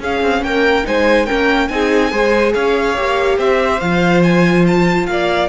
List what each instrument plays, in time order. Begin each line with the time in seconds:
0.00 cello C#4, viola C#4, violin G#4 F5
0.22 cello C4
0.42 cello A#3, violin A#4 G5
0.84 cello G#3, viola D#4, violin C5 G#5
1.26 cello A#3, viola C#4, violin A#4 G5
1.68 cello C4, viola D#4, violin G#4 G#5
2.11 cello G#3, viola G#4, violin C5
2.54 cello C#4, violin C#5 F5
2.96 cello A#3, viola G4
3.38 cello C4, violin C5 E5
3.80 cello F3, viola F4, violin F5
4.23 violin G#5
4.67 violin A5
5.07 cello A#3, violin D5 F5